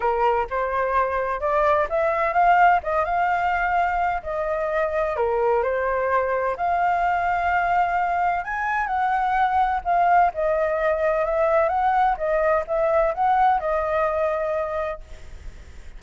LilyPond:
\new Staff \with { instrumentName = "flute" } { \time 4/4 \tempo 4 = 128 ais'4 c''2 d''4 | e''4 f''4 dis''8 f''4.~ | f''4 dis''2 ais'4 | c''2 f''2~ |
f''2 gis''4 fis''4~ | fis''4 f''4 dis''2 | e''4 fis''4 dis''4 e''4 | fis''4 dis''2. | }